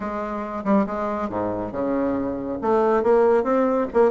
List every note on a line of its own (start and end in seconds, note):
0.00 0.64 G#3
0.64 0.86 G3
0.86 1.29 G#3
1.29 1.72 G#2
1.72 2.58 C#3
2.61 3.03 A3
3.03 3.43 A#3
3.43 3.87 C4
3.93 4.11 A#3